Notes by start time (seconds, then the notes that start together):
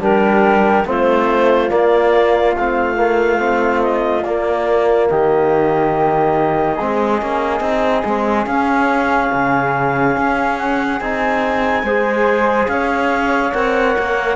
0.00 G3 D4 G4 A#4
0.86 A3 C4 F4 C5
1.70 A#3 D5
2.56 A3 C4 F5
2.96 A#3
3.39 C4
3.82 D#5
4.24 A#3 D5
5.09 D#3 G4 D#5
6.75 G#3 C4 G#4
7.21 A#3 C#4
7.61 C4 D#4
8.05 G#3 C4
8.47 C#4 F5
9.33 C#3
10.17 C#4
10.58 F#5
11.00 C4 D#4 G#5
11.83 G#3 G#4 C5
12.68 C#4 C#5 F5
13.52 C4 A#4 F#5
13.99 A#3